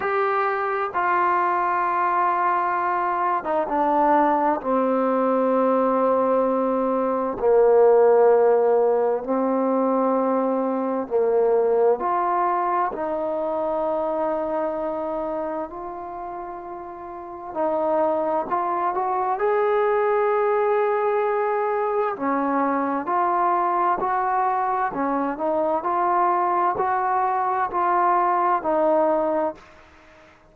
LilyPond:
\new Staff \with { instrumentName = "trombone" } { \time 4/4 \tempo 4 = 65 g'4 f'2~ f'8. dis'16 | d'4 c'2. | ais2 c'2 | ais4 f'4 dis'2~ |
dis'4 f'2 dis'4 | f'8 fis'8 gis'2. | cis'4 f'4 fis'4 cis'8 dis'8 | f'4 fis'4 f'4 dis'4 | }